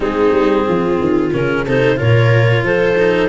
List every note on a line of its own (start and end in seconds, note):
0.00 0.32 G#3
0.00 1.30 C4
0.00 0.66 D#4
0.00 1.33 G#4
0.32 0.65 G3
0.66 0.99 F3
0.66 1.65 F4
0.99 1.32 D#3
1.33 1.66 C#3
1.33 1.66 C#4
1.33 1.66 A#4
1.65 1.99 C3
1.65 1.96 D#4
1.65 1.98 A4
1.65 1.99 C5
1.96 2.62 A#2
1.96 2.95 F4
1.96 2.65 A#4
1.96 2.64 C#5
2.62 3.28 F3
2.62 3.29 A4
2.62 3.29 C5
2.98 3.29 D#4